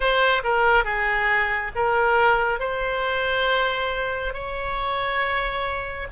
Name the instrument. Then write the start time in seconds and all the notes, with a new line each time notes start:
oboe
0.00 C5
0.43 A#4
0.84 G#4
1.75 A#4
2.59 C5
4.33 C#5